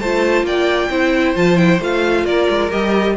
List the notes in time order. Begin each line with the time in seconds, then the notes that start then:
0.00 A3 F4 C5 A5
0.43 A#3 D5 G5
0.90 C4 E4 C5
1.35 F3 F4 A5
1.56 E4 G5
1.80 A3 F4 F5
2.24 A#3 A#4 D5
2.49 G#3
2.70 G3 G4 D#5